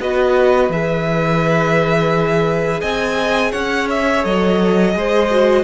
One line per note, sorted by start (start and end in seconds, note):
0.00 0.70 B3
0.00 0.72 F#4
0.00 2.81 B4
0.00 0.72 D#5
0.70 2.81 E3
0.70 4.23 G#4
0.70 2.81 E5
2.81 3.54 C4
2.81 3.51 D#5
2.81 3.52 G#5
3.52 4.25 C#4
3.52 4.93 C#5
3.52 3.88 F#5
3.90 4.25 E5
4.23 4.96 F#3
4.23 4.93 A4
4.23 5.64 D#5
4.94 5.64 G#3
4.94 5.29 G#4
4.94 5.64 C5
5.31 5.64 F#4